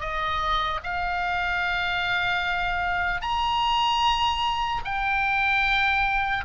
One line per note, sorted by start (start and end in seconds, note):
0.00 0.80 D#5
0.83 3.21 F5
3.21 4.81 A#5
4.84 6.44 G5